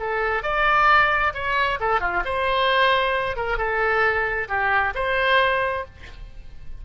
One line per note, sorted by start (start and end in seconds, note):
0.00 0.43 A4
0.43 1.33 D5
1.35 1.80 C#5
1.80 2.01 A4
2.01 2.24 F4
2.25 3.37 C5
3.37 3.58 A#4
3.58 4.48 A4
4.49 4.94 G4
4.95 5.86 C5